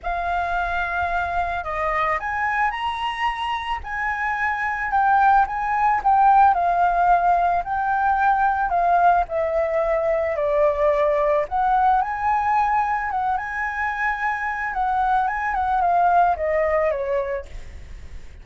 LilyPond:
\new Staff \with { instrumentName = "flute" } { \time 4/4 \tempo 4 = 110 f''2. dis''4 | gis''4 ais''2 gis''4~ | gis''4 g''4 gis''4 g''4 | f''2 g''2 |
f''4 e''2 d''4~ | d''4 fis''4 gis''2 | fis''8 gis''2~ gis''8 fis''4 | gis''8 fis''8 f''4 dis''4 cis''4 | }